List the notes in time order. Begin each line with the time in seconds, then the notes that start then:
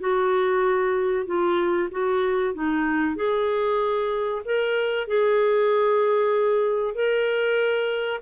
0.00 F#4
1.26 F4
1.91 F#4
2.55 D#4
3.16 G#4
4.45 A#4
5.08 G#4
6.95 A#4